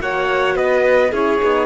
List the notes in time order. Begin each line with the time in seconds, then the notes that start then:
0.00 A#3 F#4 C#5 F#5
0.55 B3 B4 D#5
1.11 C#4 E4 G#4 C#5
1.41 B3 D#4